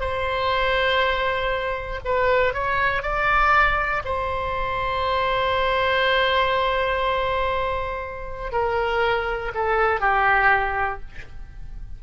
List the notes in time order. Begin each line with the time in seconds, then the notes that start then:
0.00 C5
2.05 B4
2.54 C#5
3.02 D5
4.05 C5
8.52 A#4
9.55 A4
10.00 G4